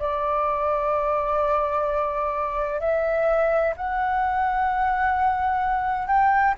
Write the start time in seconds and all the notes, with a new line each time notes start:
0.00 D5
2.80 E5
3.77 F#5
6.08 G5